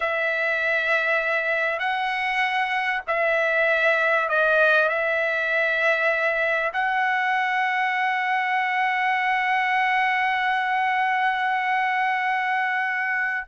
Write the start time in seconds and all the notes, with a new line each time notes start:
0.00 E5
1.79 F#5
3.07 E5
4.28 D#5
4.88 E5
6.73 F#5